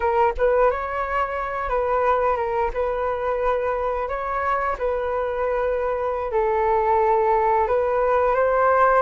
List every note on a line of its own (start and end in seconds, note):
0.00 0.33 A#4
0.37 0.71 B4
0.71 1.69 C#5
1.69 2.36 B4
2.36 2.70 A#4
2.73 4.08 B4
4.08 4.76 C#5
4.78 6.31 B4
6.31 7.67 A4
7.67 8.34 B4
8.34 9.02 C5